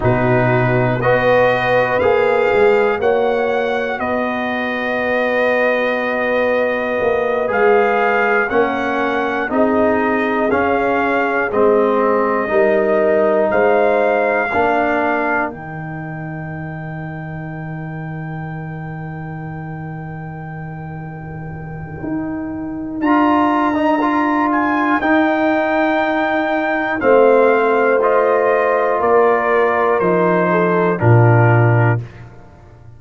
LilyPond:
<<
  \new Staff \with { instrumentName = "trumpet" } { \time 4/4 \tempo 4 = 60 b'4 dis''4 f''4 fis''4 | dis''2.~ dis''8 f''8~ | f''8 fis''4 dis''4 f''4 dis''8~ | dis''4. f''2 g''8~ |
g''1~ | g''2. ais''4~ | ais''8 gis''8 g''2 f''4 | dis''4 d''4 c''4 ais'4 | }
  \new Staff \with { instrumentName = "horn" } { \time 4/4 fis'4 b'2 cis''4 | b'1~ | b'8 ais'4 gis'2~ gis'8~ | gis'8 ais'4 c''4 ais'4.~ |
ais'1~ | ais'1~ | ais'2. c''4~ | c''4 ais'4. a'8 f'4 | }
  \new Staff \with { instrumentName = "trombone" } { \time 4/4 dis'4 fis'4 gis'4 fis'4~ | fis'2.~ fis'8 gis'8~ | gis'8 cis'4 dis'4 cis'4 c'8~ | c'8 dis'2 d'4 dis'8~ |
dis'1~ | dis'2. f'8. dis'16 | f'4 dis'2 c'4 | f'2 dis'4 d'4 | }
  \new Staff \with { instrumentName = "tuba" } { \time 4/4 b,4 b4 ais8 gis8 ais4 | b2. ais8 gis8~ | gis8 ais4 c'4 cis'4 gis8~ | gis8 g4 gis4 ais4 dis8~ |
dis1~ | dis2 dis'4 d'4~ | d'4 dis'2 a4~ | a4 ais4 f4 ais,4 | }
>>